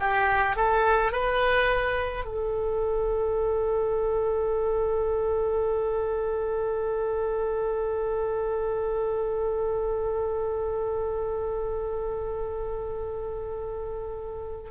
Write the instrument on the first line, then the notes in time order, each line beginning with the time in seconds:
oboe
0.00 G4
0.56 A4
1.12 B4
2.25 A4